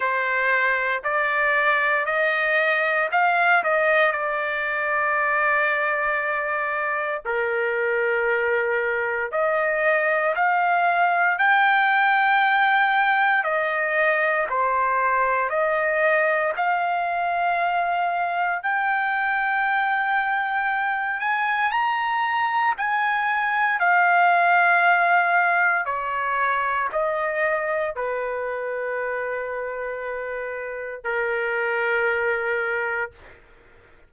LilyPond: \new Staff \with { instrumentName = "trumpet" } { \time 4/4 \tempo 4 = 58 c''4 d''4 dis''4 f''8 dis''8 | d''2. ais'4~ | ais'4 dis''4 f''4 g''4~ | g''4 dis''4 c''4 dis''4 |
f''2 g''2~ | g''8 gis''8 ais''4 gis''4 f''4~ | f''4 cis''4 dis''4 b'4~ | b'2 ais'2 | }